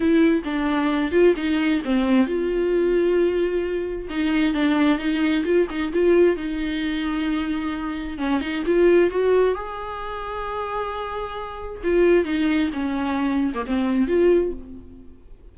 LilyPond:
\new Staff \with { instrumentName = "viola" } { \time 4/4 \tempo 4 = 132 e'4 d'4. f'8 dis'4 | c'4 f'2.~ | f'4 dis'4 d'4 dis'4 | f'8 dis'8 f'4 dis'2~ |
dis'2 cis'8 dis'8 f'4 | fis'4 gis'2.~ | gis'2 f'4 dis'4 | cis'4.~ cis'16 ais16 c'4 f'4 | }